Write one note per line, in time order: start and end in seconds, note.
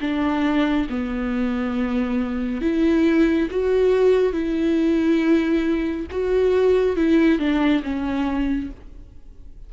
0.00 0.87 D4
0.89 2.61 B3
2.61 3.48 E4
3.50 4.32 F#4
4.32 6.06 E4
6.11 6.96 F#4
6.96 7.38 E4
7.38 7.82 D4
7.83 8.70 C#4